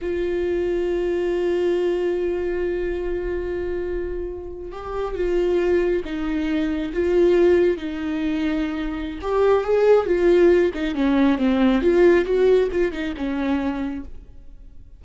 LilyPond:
\new Staff \with { instrumentName = "viola" } { \time 4/4 \tempo 4 = 137 f'1~ | f'1~ | f'2~ f'8. g'4 f'16~ | f'4.~ f'16 dis'2 f'16~ |
f'4.~ f'16 dis'2~ dis'16~ | dis'4 g'4 gis'4 f'4~ | f'8 dis'8 cis'4 c'4 f'4 | fis'4 f'8 dis'8 cis'2 | }